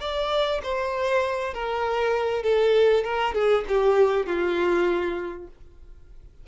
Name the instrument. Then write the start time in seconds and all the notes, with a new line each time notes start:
violin
0.00 D5
0.63 C5
1.53 A#4
2.43 A4
3.04 A#4
3.34 G#4
3.68 G4
4.26 F4